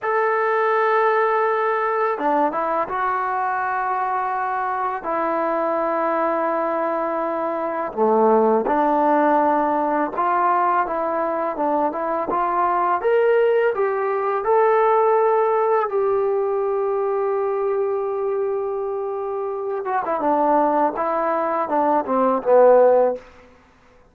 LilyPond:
\new Staff \with { instrumentName = "trombone" } { \time 4/4 \tempo 4 = 83 a'2. d'8 e'8 | fis'2. e'4~ | e'2. a4 | d'2 f'4 e'4 |
d'8 e'8 f'4 ais'4 g'4 | a'2 g'2~ | g'2.~ g'8 fis'16 e'16 | d'4 e'4 d'8 c'8 b4 | }